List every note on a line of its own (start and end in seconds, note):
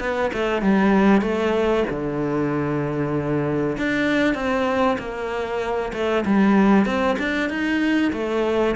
0.00 0.31 B3
0.34 0.62 A3
0.62 1.22 G3
1.22 1.84 A3
1.90 3.78 D3
3.78 4.35 D4
4.35 4.97 C4
4.99 5.92 A#3
5.93 6.24 A3
6.26 6.86 G3
6.86 7.17 C4
7.19 7.49 D4
7.49 8.12 D#4
8.13 8.76 A3